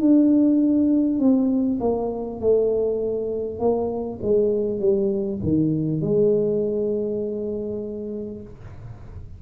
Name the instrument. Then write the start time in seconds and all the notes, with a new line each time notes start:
tuba
0.00 D4
1.19 C4
1.80 A#3
2.40 A3
3.59 A#3
4.22 G#3
4.79 G3
5.42 D#3
6.01 G#3